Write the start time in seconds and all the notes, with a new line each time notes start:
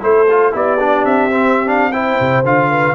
0.00 A3 E4 A4 C5
0.30 F4
0.52 B3 E4 G4 D5
0.80 D4
1.04 C4 E5
1.31 C4
1.66 D4 F5
1.92 E4 C5 G5
2.20 C3
2.44 D3 F4 F5
2.70 B4